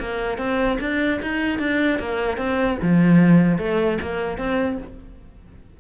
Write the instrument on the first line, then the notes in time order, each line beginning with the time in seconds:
cello
0.00 A#3
0.38 C4
0.81 D4
1.22 D#4
1.59 D4
1.99 A#3
2.38 C4
2.83 F3
3.59 A3
4.02 A#3
4.38 C4